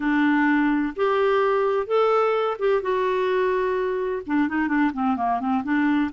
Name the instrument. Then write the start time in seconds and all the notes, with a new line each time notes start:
clarinet
0.00 D4
0.95 G4
1.86 A4
2.58 G4
2.81 F#4
4.26 D4
4.48 D#4
4.67 D4
4.93 C4
5.16 A#3
5.39 C4
5.63 D4